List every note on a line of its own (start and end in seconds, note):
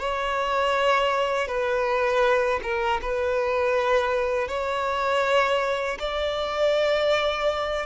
0.00 1.48 C#5
1.48 2.60 B4
2.63 3.01 A#4
3.02 4.48 B4
4.48 5.98 C#5
5.99 7.86 D5